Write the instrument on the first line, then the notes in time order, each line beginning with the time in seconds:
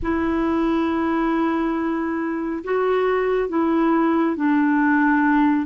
clarinet
0.02 E4
2.64 F#4
3.49 E4
4.36 D4